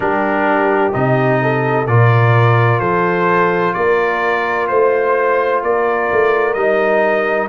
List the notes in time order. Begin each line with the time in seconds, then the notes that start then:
0.00 G3 D4 G4 A#4
0.92 C3 D#4 D#5
1.41 A4
1.86 A#2 F4 A#4 D5
2.79 F3 A4 C5
3.73 A#3 A#4 D5
4.67 A3 C5
5.63 A#3 A#4 D5
6.12 A3
6.53 G3 D#4 D#5